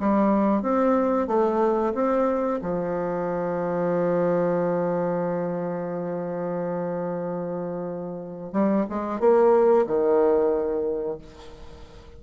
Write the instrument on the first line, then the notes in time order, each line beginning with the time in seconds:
bassoon
0.00 G3
0.63 C4
1.28 A3
1.95 C4
2.62 F3
8.53 G3
8.90 G#3
9.20 A#3
9.87 D#3